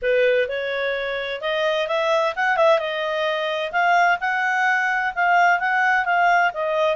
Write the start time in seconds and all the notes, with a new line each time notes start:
0.01 B4
0.48 C#5
1.41 D#5
1.87 E5
2.35 F#5
2.56 E5
2.78 D#5
3.71 F5
4.20 F#5
5.15 F5
5.59 F#5
6.05 F5
6.53 D#5